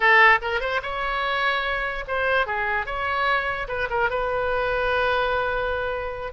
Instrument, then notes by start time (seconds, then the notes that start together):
oboe
0.00 A4
0.41 A#4
0.60 C5
0.82 C#5
2.07 C5
2.46 G#4
2.86 C#5
3.68 B4
3.90 A#4
4.09 B4